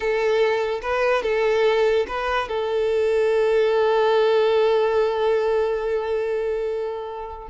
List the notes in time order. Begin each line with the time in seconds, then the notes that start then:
0.00 A4
0.82 B4
1.23 A4
2.07 B4
2.48 A4